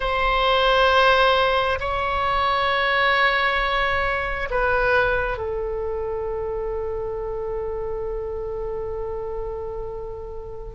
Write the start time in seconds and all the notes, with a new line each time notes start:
0.00 C5
1.80 C#5
4.50 B4
5.37 A4